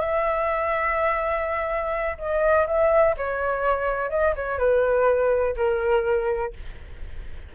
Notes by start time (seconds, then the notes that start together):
0.00 E5
2.18 D#5
2.67 E5
3.17 C#5
4.10 D#5
4.35 C#5
4.58 B4
5.56 A#4